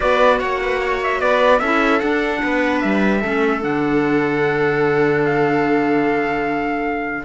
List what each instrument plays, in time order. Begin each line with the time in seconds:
0.00 cello B3, clarinet F#4, viola B4, trumpet D5
0.39 cello A#3, viola C#5, trumpet F#5
0.62 viola B4
0.81 viola C#5
1.03 trumpet E5
1.19 cello B3, viola B4, trumpet D5
1.59 cello C#4, clarinet E4, viola A4, trumpet E5
1.99 clarinet D4, cello D4, trumpet F#5
2.42 cello B3, viola B4
2.80 cello G3, trumpet E5
3.20 cello A3, clarinet C#4, viola A4
3.60 cello D3, clarinet D4, trumpet F#5
5.25 trumpet F5